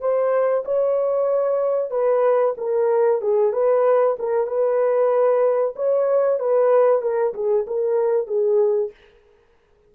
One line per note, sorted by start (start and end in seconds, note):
0.00 0.64 C5
0.65 1.91 C#5
1.91 2.54 B4
2.57 3.21 A#4
3.21 3.53 G#4
3.53 4.17 B4
4.19 4.47 A#4
4.47 5.75 B4
5.76 6.39 C#5
6.39 7.02 B4
7.02 7.33 A#4
7.34 7.66 G#4
7.67 8.27 A#4
8.27 8.91 G#4